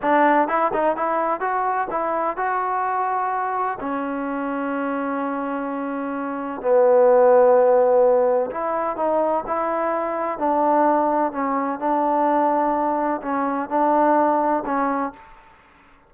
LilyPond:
\new Staff \with { instrumentName = "trombone" } { \time 4/4 \tempo 4 = 127 d'4 e'8 dis'8 e'4 fis'4 | e'4 fis'2. | cis'1~ | cis'2 b2~ |
b2 e'4 dis'4 | e'2 d'2 | cis'4 d'2. | cis'4 d'2 cis'4 | }